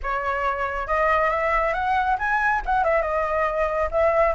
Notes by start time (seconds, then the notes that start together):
0.03 C#5
0.87 D#5
1.29 E5
1.73 F#5
2.18 G#5
2.65 F#5
2.84 E5
3.02 D#5
3.91 E5